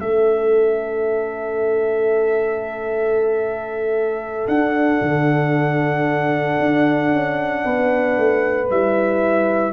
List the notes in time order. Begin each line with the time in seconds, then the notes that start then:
0.00 A3 C#4 A4 E5
4.47 D4 F#5
5.02 D3
6.59 D4
7.12 C#4
7.64 B3 B4
8.18 A3
8.71 G3 E4 E5